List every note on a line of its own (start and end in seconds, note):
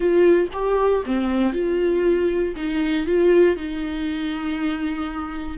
0.00 0.48 F4
0.52 1.03 G4
1.05 1.53 C4
1.53 2.54 F4
2.56 3.06 D#4
3.06 3.56 F4
3.56 5.57 D#4